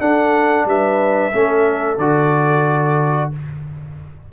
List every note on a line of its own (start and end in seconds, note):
0.00 1.32 D4
0.00 0.65 D4
0.00 0.67 A4
0.00 0.66 F#5
0.65 1.31 G3
0.65 1.33 B4
0.65 1.98 E5
1.32 1.98 A3
1.32 1.98 C#4
1.32 3.31 A4
1.98 3.30 D3
1.98 3.32 F#4
1.98 3.30 D5